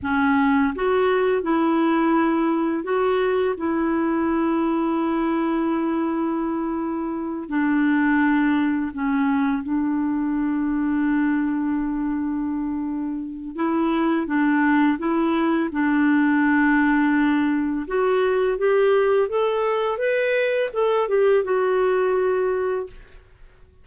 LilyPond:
\new Staff \with { instrumentName = "clarinet" } { \time 4/4 \tempo 4 = 84 cis'4 fis'4 e'2 | fis'4 e'2.~ | e'2~ e'8 d'4.~ | d'8 cis'4 d'2~ d'8~ |
d'2. e'4 | d'4 e'4 d'2~ | d'4 fis'4 g'4 a'4 | b'4 a'8 g'8 fis'2 | }